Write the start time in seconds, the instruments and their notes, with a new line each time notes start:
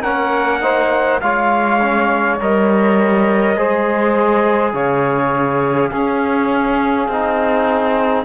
0.00 cello A#3, trombone C#4, saxophone A#4, trumpet F#5
0.62 trombone D#4, saxophone C5
1.21 cello G#3, trombone F4, saxophone C#5, trumpet F5
1.81 trombone C#4
2.40 cello G3, trombone A#4, trumpet D#5
3.56 cello G#3, trombone G#4, saxophone C5
4.73 cello C#3, saxophone C#5, trumpet F5
5.89 cello C#4, trombone C#4, saxophone G#4
7.08 cello C4, trombone D#4